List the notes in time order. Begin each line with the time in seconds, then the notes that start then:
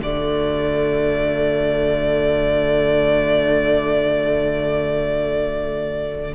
0.00 D3 A3 F#4 D5